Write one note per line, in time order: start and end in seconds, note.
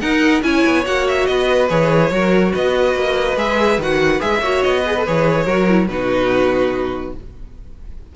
0.00 0.42 D#4
0.00 0.43 A#4
0.00 0.42 F#5
0.42 0.63 C#4
0.42 0.84 E4
0.42 1.28 C#5
0.42 0.84 G#5
0.66 0.86 B3
0.85 1.28 A#3
0.85 1.69 F#4
0.85 1.07 F#5
1.08 1.26 E5
1.26 1.70 B3
1.26 2.12 B4
1.26 1.68 D#5
1.69 2.10 E3
1.69 2.11 G#4
1.69 2.53 C#5
2.10 2.52 F#3
2.10 3.37 F#4
2.10 2.52 A#4
2.52 2.94 B3
2.52 4.40 B4
2.52 3.38 D#5
2.94 3.36 A#3
3.36 3.78 G#3
3.36 3.79 G#4
3.36 3.80 E5
3.78 4.20 D#3
3.78 4.20 F#4
3.78 4.20 F#5
4.20 4.41 G#3
4.20 4.41 G#4
4.20 4.62 E5
4.40 4.62 A#3
4.40 4.85 F#4
4.40 4.80 C#5
4.62 5.07 B3
4.62 5.04 D#5
4.80 4.96 G#4
4.80 5.43 B4
4.97 5.06 A4
5.06 5.46 E3
5.06 5.46 G#4
5.06 5.87 C#5
5.45 5.88 F#3
5.45 5.67 F#4
5.45 5.87 A#4
5.68 5.89 E4
5.87 7.14 B2
5.87 7.15 D#4
5.87 7.15 F#4
5.87 7.13 B4